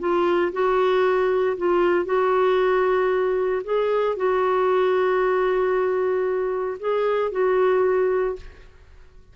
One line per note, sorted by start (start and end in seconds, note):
0.00 0.52 F4
0.53 1.57 F#4
1.57 2.06 F4
2.06 3.62 F#4
3.65 4.17 G#4
4.17 6.78 F#4
6.80 7.32 G#4
7.32 8.36 F#4